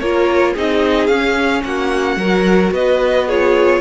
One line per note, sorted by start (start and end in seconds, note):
0.00 0.56 A#3
0.00 0.56 F4
0.00 0.54 A#4
0.00 0.55 C#5
0.54 1.09 C4
0.54 1.11 D#4
0.54 1.63 G#4
0.54 1.07 D#5
1.07 1.63 C#4
1.07 2.21 C#4
1.07 1.62 F5
1.65 2.17 A#3
1.65 2.19 F#4
1.65 2.74 F#5
2.17 2.71 F#3
2.17 3.30 F#4
2.17 2.74 A#4
2.72 3.81 B3
2.72 3.28 B4
2.72 3.30 D#5
3.28 3.81 F4
3.28 3.81 G#4
3.28 3.81 C#5